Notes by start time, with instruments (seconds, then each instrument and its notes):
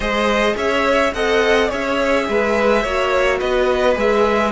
0.00 cello G#3, viola G#4, violin C5 D#5
0.56 cello C#4, violin C#5 E5
1.13 cello C4, viola A4, violin D#5 F#5
1.69 cello C#4, viola G#4, violin C#5 E5
2.28 cello G#3, violin B4
2.82 cello A#3, viola F#4, violin C#5
3.39 cello B3, violin B4 D#5
3.94 cello G#3, viola G#4, violin E5